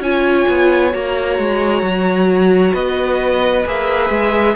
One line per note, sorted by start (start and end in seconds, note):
0.00 0.45 C#4
0.00 0.91 F4
0.00 2.74 C#5
0.00 0.94 G#5
0.49 0.94 B3
0.91 1.39 A#3
0.91 3.63 F#4
0.91 2.74 A#5
1.39 1.82 G#3
1.82 2.73 F#3
2.74 3.65 B3
2.74 4.55 B4
2.74 3.65 D#5
3.66 4.10 A#3
3.66 4.56 G#4
3.66 4.56 E5
4.10 4.55 G#3